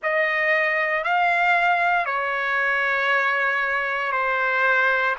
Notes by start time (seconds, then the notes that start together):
0.02 D#5
1.03 F5
2.05 C#5
4.11 C5